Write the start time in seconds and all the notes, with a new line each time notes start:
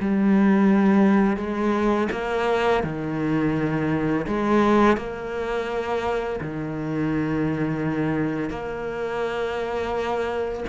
0.00 G3
1.36 G#3
2.11 A#3
2.83 D#3
4.27 G#3
4.96 A#3
6.40 D#3
8.49 A#3